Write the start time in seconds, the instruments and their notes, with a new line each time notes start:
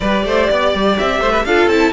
0.00 cello G3, viola G4, violin B4 D5
0.24 cello A3, violin C5
0.50 cello B3, violin D5
0.74 cello G3
0.98 cello C4, violin E5
1.20 cello A3, violin C5
1.31 violin B4
1.44 cello D4, viola F4, violin A4 F5
1.66 cello C4, viola E4, violin A5